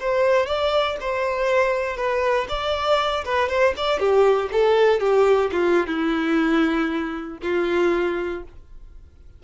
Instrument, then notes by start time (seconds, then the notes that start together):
violin
0.00 C5
0.46 D5
1.00 C5
1.97 B4
2.49 D5
3.25 B4
3.49 C5
3.77 D5
3.99 G4
4.52 A4
5.00 G4
5.52 F4
5.87 E4
7.42 F4